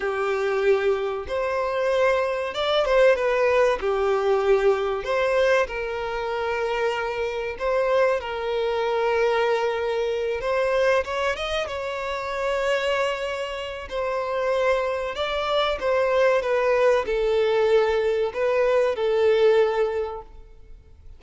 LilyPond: \new Staff \with { instrumentName = "violin" } { \time 4/4 \tempo 4 = 95 g'2 c''2 | d''8 c''8 b'4 g'2 | c''4 ais'2. | c''4 ais'2.~ |
ais'8 c''4 cis''8 dis''8 cis''4.~ | cis''2 c''2 | d''4 c''4 b'4 a'4~ | a'4 b'4 a'2 | }